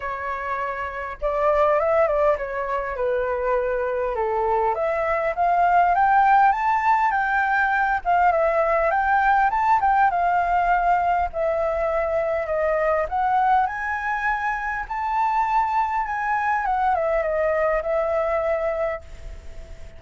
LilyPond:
\new Staff \with { instrumentName = "flute" } { \time 4/4 \tempo 4 = 101 cis''2 d''4 e''8 d''8 | cis''4 b'2 a'4 | e''4 f''4 g''4 a''4 | g''4. f''8 e''4 g''4 |
a''8 g''8 f''2 e''4~ | e''4 dis''4 fis''4 gis''4~ | gis''4 a''2 gis''4 | fis''8 e''8 dis''4 e''2 | }